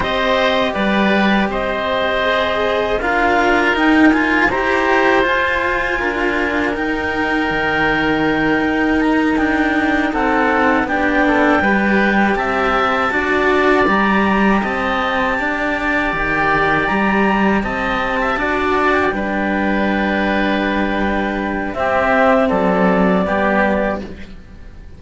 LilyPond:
<<
  \new Staff \with { instrumentName = "clarinet" } { \time 4/4 \tempo 4 = 80 dis''4 d''4 dis''2 | f''4 g''8 gis''8 ais''4 gis''4~ | gis''4 g''2. | ais''8 g''4 fis''4 g''4.~ |
g''8 a''2 ais''4 a''8~ | a''4. g''4 ais''4 a''8~ | a''4~ a''16 g''2~ g''8.~ | g''4 e''4 d''2 | }
  \new Staff \with { instrumentName = "oboe" } { \time 4/4 c''4 b'4 c''2 | ais'2 c''2 | ais'1~ | ais'4. a'4 g'8 a'8 b'8~ |
b'8 e''4 d''2 dis''8~ | dis''8 d''2. dis''8~ | dis''16 e''16 d''4 b'2~ b'8~ | b'4 g'4 a'4 g'4 | }
  \new Staff \with { instrumentName = "cello" } { \time 4/4 g'2. gis'4 | f'4 dis'8 f'8 g'4 f'4~ | f'4 dis'2.~ | dis'2~ dis'8 d'4 g'8~ |
g'4. fis'4 g'4.~ | g'1~ | g'8 fis'4 d'2~ d'8~ | d'4 c'2 b4 | }
  \new Staff \with { instrumentName = "cello" } { \time 4/4 c'4 g4 c'2 | d'4 dis'4 e'4 f'4 | d'4 dis'4 dis4. dis'8~ | dis'8 d'4 c'4 b4 g8~ |
g8 c'4 d'4 g4 c'8~ | c'8 d'4 dis4 g4 c'8~ | c'8 d'4 g2~ g8~ | g4 c'4 fis4 g4 | }
>>